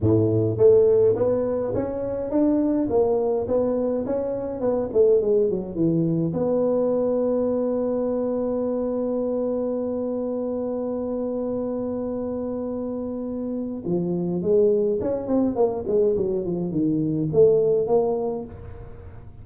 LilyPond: \new Staff \with { instrumentName = "tuba" } { \time 4/4 \tempo 4 = 104 a,4 a4 b4 cis'4 | d'4 ais4 b4 cis'4 | b8 a8 gis8 fis8 e4 b4~ | b1~ |
b1~ | b1 | f4 gis4 cis'8 c'8 ais8 gis8 | fis8 f8 dis4 a4 ais4 | }